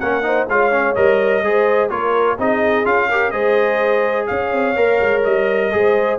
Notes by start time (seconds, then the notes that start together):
0.00 A#3 C#4 A#4 F#5
0.23 D#4 C5
0.49 G#3 F4 C#5 F5
0.72 C#4
0.95 G3 A#4 D#5
1.42 G#3 G#4 C5
1.90 A#3 F4 A#4 C#5
2.38 C4 D#4 G#4 D#5
2.85 C#4 F4 F5
3.09 G4 A#4
3.31 G#3 G#4 C5 D#5
4.27 C#4 C#5 F5
4.53 C4
4.77 A#3 A#4
5.01 G#3
5.24 G3 D#5
5.72 G#3 G#4 C5